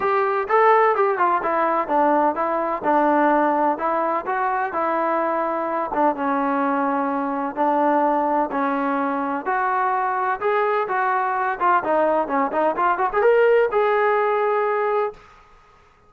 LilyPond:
\new Staff \with { instrumentName = "trombone" } { \time 4/4 \tempo 4 = 127 g'4 a'4 g'8 f'8 e'4 | d'4 e'4 d'2 | e'4 fis'4 e'2~ | e'8 d'8 cis'2. |
d'2 cis'2 | fis'2 gis'4 fis'4~ | fis'8 f'8 dis'4 cis'8 dis'8 f'8 fis'16 gis'16 | ais'4 gis'2. | }